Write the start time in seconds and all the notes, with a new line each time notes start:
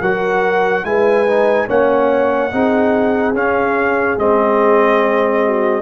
0.00 F#3 F#4 A#4 F#5
0.84 G#3 E4 B4 G#5
1.27 D#4
1.67 A#3 C#4 C#5 F#5
2.51 C4 D#4 G#4
3.33 C#4 F5
4.17 G#3 C4 D#5
5.45 F#4